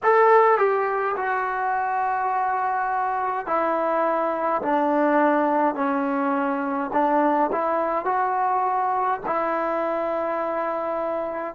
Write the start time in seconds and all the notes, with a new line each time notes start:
0.03 A4
0.58 G4
1.16 F#4
3.46 E4
4.62 D4
5.74 C#4
6.92 D4
7.52 E4
8.05 F#4
9.26 E4